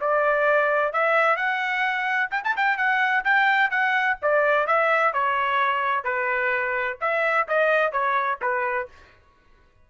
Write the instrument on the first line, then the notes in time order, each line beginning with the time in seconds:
trumpet
0.00 D5
0.93 E5
1.36 F#5
2.31 G5
2.44 A5
2.56 G5
2.77 F#5
3.24 G5
3.70 F#5
4.22 D5
4.66 E5
5.13 C#5
6.04 B4
7.01 E5
7.48 D#5
7.92 C#5
8.41 B4